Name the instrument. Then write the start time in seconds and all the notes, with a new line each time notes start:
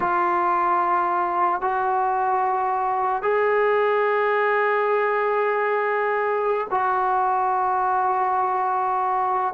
trombone
0.00 F4
1.61 F#4
3.22 G#4
6.70 F#4